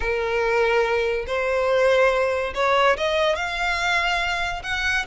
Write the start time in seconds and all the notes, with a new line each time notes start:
0.00 A#4
1.27 C5
2.54 C#5
2.97 D#5
3.35 F5
4.63 F#5